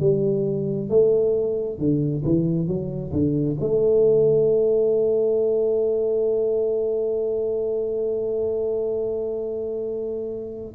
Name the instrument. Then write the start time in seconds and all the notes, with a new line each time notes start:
tuba
0.00 G3
0.90 A3
1.79 D3
2.25 E3
2.68 F#3
3.13 D3
3.61 A3